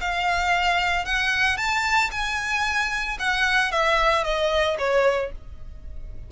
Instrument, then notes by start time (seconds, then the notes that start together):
violin
0.00 F5
1.05 F#5
1.57 A5
2.11 G#5
3.19 F#5
3.71 E5
4.24 D#5
4.78 C#5